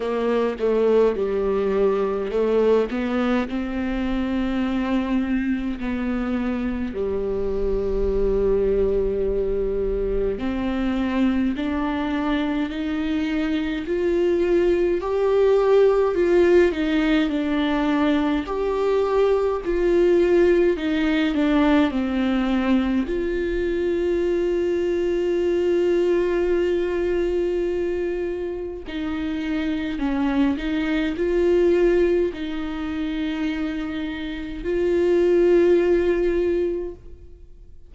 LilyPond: \new Staff \with { instrumentName = "viola" } { \time 4/4 \tempo 4 = 52 ais8 a8 g4 a8 b8 c'4~ | c'4 b4 g2~ | g4 c'4 d'4 dis'4 | f'4 g'4 f'8 dis'8 d'4 |
g'4 f'4 dis'8 d'8 c'4 | f'1~ | f'4 dis'4 cis'8 dis'8 f'4 | dis'2 f'2 | }